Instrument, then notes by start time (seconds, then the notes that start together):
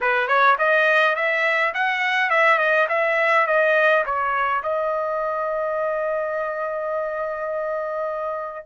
trumpet
0.00 B4
0.27 C#5
0.58 D#5
1.15 E5
1.74 F#5
2.29 E5
2.58 D#5
2.88 E5
3.46 D#5
4.05 C#5
4.62 D#5